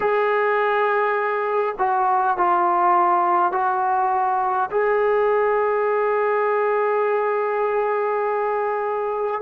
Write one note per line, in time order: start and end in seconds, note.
0.00 1.75 G#4
1.78 2.37 F#4
2.37 3.52 F4
3.52 4.70 F#4
4.71 9.41 G#4